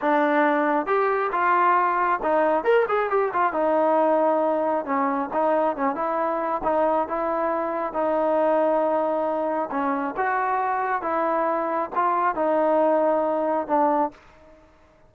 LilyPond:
\new Staff \with { instrumentName = "trombone" } { \time 4/4 \tempo 4 = 136 d'2 g'4 f'4~ | f'4 dis'4 ais'8 gis'8 g'8 f'8 | dis'2. cis'4 | dis'4 cis'8 e'4. dis'4 |
e'2 dis'2~ | dis'2 cis'4 fis'4~ | fis'4 e'2 f'4 | dis'2. d'4 | }